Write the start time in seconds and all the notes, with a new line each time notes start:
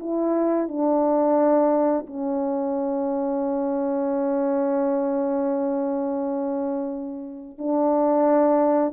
0.00 E4
0.68 D4
2.07 C#4
7.58 D4